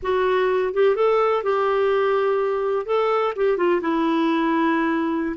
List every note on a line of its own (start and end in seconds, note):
0.02 0.73 F#4
0.73 0.95 G4
0.95 1.43 A4
1.43 2.85 G4
2.85 3.33 A4
3.35 3.57 G4
3.57 3.81 F4
3.81 5.36 E4